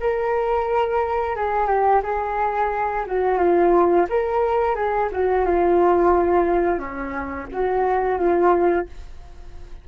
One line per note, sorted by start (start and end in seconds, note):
0.00 1.36 A#4
1.36 1.67 G#4
1.67 2.01 G4
2.03 3.05 G#4
3.06 3.38 F#4
3.38 4.06 F4
4.09 4.75 A#4
4.75 5.09 G#4
5.12 5.45 F#4
5.45 6.78 F4
6.78 7.47 C#4
7.52 8.18 F#4
8.18 8.86 F4